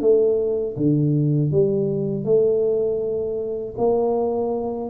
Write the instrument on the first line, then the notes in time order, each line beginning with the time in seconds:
tuba
0.00 A3
0.76 D3
1.51 G3
2.24 A3
3.77 A#3